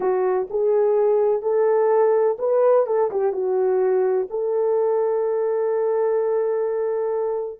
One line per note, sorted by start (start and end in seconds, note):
0.00 0.48 F#4
0.50 1.42 G#4
1.42 2.37 A4
2.38 2.86 B4
2.86 3.10 A4
3.10 3.32 G4
3.32 4.27 F#4
4.29 7.60 A4